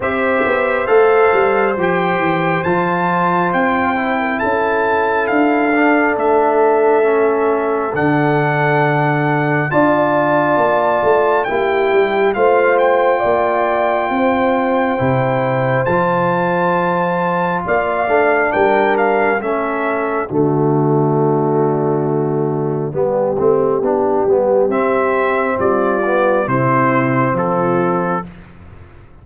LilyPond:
<<
  \new Staff \with { instrumentName = "trumpet" } { \time 4/4 \tempo 4 = 68 e''4 f''4 g''4 a''4 | g''4 a''4 f''4 e''4~ | e''4 fis''2 a''4~ | a''4 g''4 f''8 g''4.~ |
g''2 a''2 | f''4 g''8 f''8 e''4 d''4~ | d''1 | e''4 d''4 c''4 a'4 | }
  \new Staff \with { instrumentName = "horn" } { \time 4/4 c''1~ | c''8. ais'16 a'2.~ | a'2. d''4~ | d''4 g'4 c''4 d''4 |
c''1 | d''4 ais'4 a'4 fis'4~ | fis'2 g'2~ | g'4 f'4 e'4 f'4 | }
  \new Staff \with { instrumentName = "trombone" } { \time 4/4 g'4 a'4 g'4 f'4~ | f'8 e'2 d'4. | cis'4 d'2 f'4~ | f'4 e'4 f'2~ |
f'4 e'4 f'2~ | f'8 d'4. cis'4 a4~ | a2 b8 c'8 d'8 b8 | c'4. b8 c'2 | }
  \new Staff \with { instrumentName = "tuba" } { \time 4/4 c'8 b8 a8 g8 f8 e8 f4 | c'4 cis'4 d'4 a4~ | a4 d2 d'4 | ais8 a8 ais8 g8 a4 ais4 |
c'4 c4 f2 | ais8 a8 g4 a4 d4~ | d2 g8 a8 b8 g8 | c'4 g4 c4 f4 | }
>>